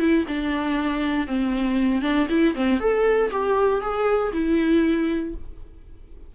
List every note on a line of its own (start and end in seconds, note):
0.00 0.25 E4
0.28 1.28 D4
1.28 2.02 C4
2.02 2.28 D4
2.30 2.55 E4
2.55 2.80 C4
2.80 3.31 A4
3.32 3.82 G4
3.82 4.33 G#4
4.33 5.35 E4